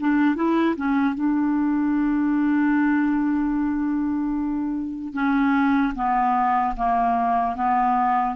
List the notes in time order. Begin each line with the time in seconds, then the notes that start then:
0.00 D4
0.36 E4
0.76 C#4
1.15 D4
5.14 C#4
5.95 B3
6.76 A#3
7.56 B3